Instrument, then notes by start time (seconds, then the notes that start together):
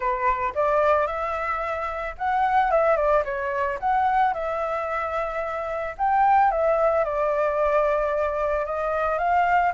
flute
0.00 B4
0.54 D5
1.07 E5
2.17 F#5
2.71 E5
2.96 D5
3.24 C#5
3.79 F#5
4.33 E5
5.97 G5
6.51 E5
7.04 D5
8.65 D#5
9.18 F5